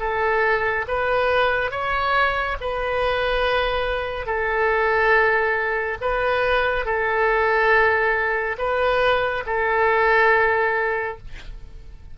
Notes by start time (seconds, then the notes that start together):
0.00 A4
0.88 B4
1.71 C#5
2.61 B4
4.27 A4
6.01 B4
6.85 A4
8.58 B4
9.46 A4